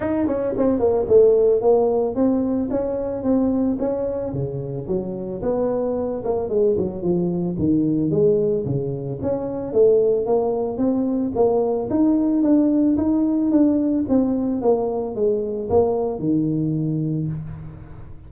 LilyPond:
\new Staff \with { instrumentName = "tuba" } { \time 4/4 \tempo 4 = 111 dis'8 cis'8 c'8 ais8 a4 ais4 | c'4 cis'4 c'4 cis'4 | cis4 fis4 b4. ais8 | gis8 fis8 f4 dis4 gis4 |
cis4 cis'4 a4 ais4 | c'4 ais4 dis'4 d'4 | dis'4 d'4 c'4 ais4 | gis4 ais4 dis2 | }